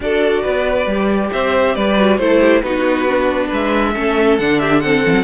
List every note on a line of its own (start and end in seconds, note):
0.00 0.43 D4
0.00 0.89 F#4
0.00 0.42 A4
0.00 1.32 D5
0.42 0.86 B3
0.42 1.30 B4
0.86 1.30 G3
0.86 1.97 G4
1.32 1.76 C4
1.32 1.75 C5
1.32 1.75 E5
1.75 2.18 G3
1.75 2.19 B4
1.75 2.17 D5
1.97 2.19 F#4
2.17 2.62 A3
2.17 2.63 E4
2.17 2.40 A4
2.17 2.61 C5
2.40 2.61 G4
2.61 3.50 B3
2.61 3.07 D#4
2.61 3.47 F#4
2.61 3.49 B4
3.07 3.95 D4
3.47 3.95 G#3
3.47 3.91 B4
3.47 4.38 E5
3.93 4.39 A3
3.93 4.38 C#4
3.93 4.59 A4
4.38 5.05 D3
4.38 4.83 D4
4.38 4.59 F#5
4.59 4.81 G4
4.59 4.80 E5
4.80 5.24 C4
4.80 5.24 A4
4.80 5.24 F#5
5.06 5.13 E3
5.13 5.24 F#3